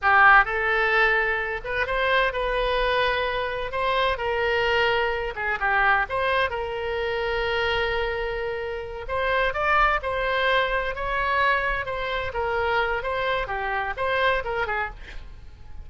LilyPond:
\new Staff \with { instrumentName = "oboe" } { \time 4/4 \tempo 4 = 129 g'4 a'2~ a'8 b'8 | c''4 b'2. | c''4 ais'2~ ais'8 gis'8 | g'4 c''4 ais'2~ |
ais'2.~ ais'8 c''8~ | c''8 d''4 c''2 cis''8~ | cis''4. c''4 ais'4. | c''4 g'4 c''4 ais'8 gis'8 | }